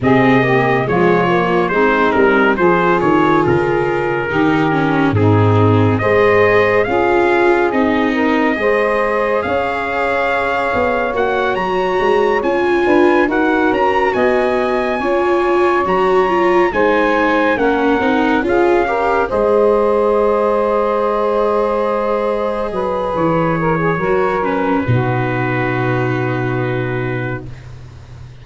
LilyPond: <<
  \new Staff \with { instrumentName = "trumpet" } { \time 4/4 \tempo 4 = 70 dis''4 cis''4 c''8 ais'8 c''8 cis''8 | ais'2 gis'4 dis''4 | f''4 dis''2 f''4~ | f''4 fis''8 ais''4 gis''4 fis''8 |
ais''8 gis''2 ais''4 gis''8~ | gis''8 fis''4 f''4 dis''4.~ | dis''2. cis''4~ | cis''8 b'2.~ b'8 | }
  \new Staff \with { instrumentName = "saxophone" } { \time 4/4 gis'8 g'8 f'4 dis'4 gis'4~ | gis'4 g'4 dis'4 c''4 | gis'4. ais'8 c''4 cis''4~ | cis''2. b'8 ais'8~ |
ais'8 dis''4 cis''2 c''8~ | c''8 ais'4 gis'8 ais'8 c''4.~ | c''2~ c''8 b'4 ais'16 gis'16 | ais'4 fis'2. | }
  \new Staff \with { instrumentName = "viola" } { \time 4/4 c'8 ais8 gis8 ais8 c'4 f'4~ | f'4 dis'8 cis'8 c'4 gis'4 | f'4 dis'4 gis'2~ | gis'4 fis'4. f'4 fis'8~ |
fis'4. f'4 fis'8 f'8 dis'8~ | dis'8 cis'8 dis'8 f'8 g'8 gis'4.~ | gis'1 | fis'8 cis'8 dis'2. | }
  \new Staff \with { instrumentName = "tuba" } { \time 4/4 c4 f4 gis8 g8 f8 dis8 | cis4 dis4 gis,4 gis4 | cis'4 c'4 gis4 cis'4~ | cis'8 b8 ais8 fis8 gis8 cis'8 d'8 dis'8 |
cis'8 b4 cis'4 fis4 gis8~ | gis8 ais8 c'8 cis'4 gis4.~ | gis2~ gis8 fis8 e4 | fis4 b,2. | }
>>